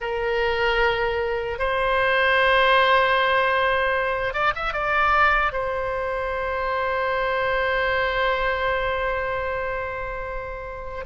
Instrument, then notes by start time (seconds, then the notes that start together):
oboe
0.00 A#4
1.58 C5
4.33 D5
4.55 E5
4.73 D5
5.52 C5